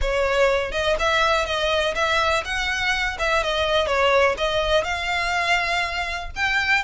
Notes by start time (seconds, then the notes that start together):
0.01 C#5
0.71 D#5
0.99 E5
1.45 D#5
1.94 E5
2.44 F#5
3.18 E5
3.43 D#5
3.87 C#5
4.37 D#5
4.84 F5
6.35 G5